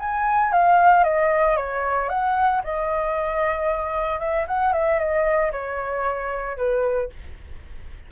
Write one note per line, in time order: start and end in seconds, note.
0.00 0.53 G#5
0.53 1.04 F5
1.04 1.57 D#5
1.57 2.10 C#5
2.10 2.62 F#5
2.64 4.20 D#5
4.20 4.46 E5
4.48 4.73 F#5
4.73 4.99 E5
4.99 5.52 D#5
5.52 6.57 C#5
6.57 7.10 B4